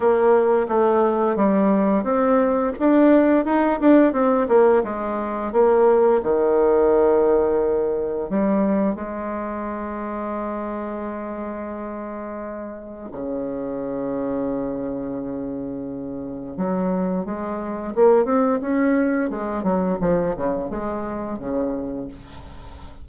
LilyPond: \new Staff \with { instrumentName = "bassoon" } { \time 4/4 \tempo 4 = 87 ais4 a4 g4 c'4 | d'4 dis'8 d'8 c'8 ais8 gis4 | ais4 dis2. | g4 gis2.~ |
gis2. cis4~ | cis1 | fis4 gis4 ais8 c'8 cis'4 | gis8 fis8 f8 cis8 gis4 cis4 | }